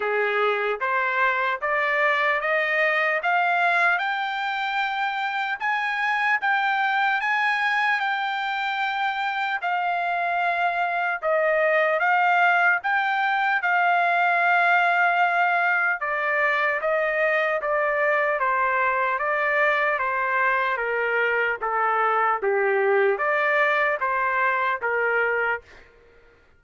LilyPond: \new Staff \with { instrumentName = "trumpet" } { \time 4/4 \tempo 4 = 75 gis'4 c''4 d''4 dis''4 | f''4 g''2 gis''4 | g''4 gis''4 g''2 | f''2 dis''4 f''4 |
g''4 f''2. | d''4 dis''4 d''4 c''4 | d''4 c''4 ais'4 a'4 | g'4 d''4 c''4 ais'4 | }